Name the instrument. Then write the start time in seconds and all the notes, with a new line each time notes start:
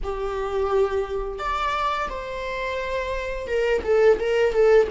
viola
0.03 G4
1.38 D5
2.09 C5
3.47 A#4
3.83 A4
4.19 A#4
4.52 A4